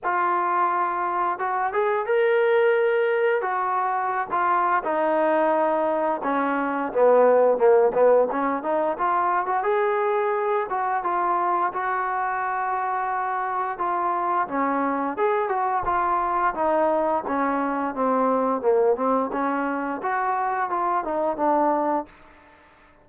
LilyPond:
\new Staff \with { instrumentName = "trombone" } { \time 4/4 \tempo 4 = 87 f'2 fis'8 gis'8 ais'4~ | ais'4 fis'4~ fis'16 f'8. dis'4~ | dis'4 cis'4 b4 ais8 b8 | cis'8 dis'8 f'8. fis'16 gis'4. fis'8 |
f'4 fis'2. | f'4 cis'4 gis'8 fis'8 f'4 | dis'4 cis'4 c'4 ais8 c'8 | cis'4 fis'4 f'8 dis'8 d'4 | }